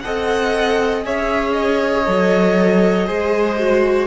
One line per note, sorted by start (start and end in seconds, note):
0.00 1.06 C4
0.00 1.04 A4
0.00 1.06 D#5
0.00 1.02 F#5
1.04 2.07 C#4
1.04 2.05 G#4
1.04 3.07 C#5
1.04 1.53 E5
1.53 4.07 D#5
2.06 3.09 F#3
2.06 3.06 A4
3.06 4.07 G#3
3.06 3.57 G#4
3.06 4.07 C5
3.58 4.07 F#4